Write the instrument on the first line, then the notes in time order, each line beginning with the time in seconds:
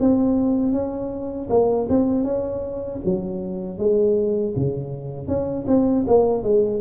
tuba
0.00 C4
0.72 C#4
1.49 A#3
1.89 C4
2.24 C#4
3.05 F#3
3.78 G#3
4.56 C#3
5.28 C#4
5.67 C4
6.07 A#3
6.43 G#3